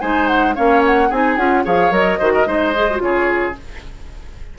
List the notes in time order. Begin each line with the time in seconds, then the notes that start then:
0.00 G#3 D#4 C5 G#5
0.27 F#5
0.54 A#3 C#4 C#5 F5
0.85 F#5
1.09 C4 D#4 G#4 G#5
1.36 C#4 F4 F#5
1.65 F3 G#4 C#5 F5
1.91 F#3 A#4 D#5
2.19 D#3 F#4 C5
2.34 A#4
2.45 G#3 D#4 C5
2.75 G#4
2.90 F#4
2.98 C#3 F4 G#4 C#5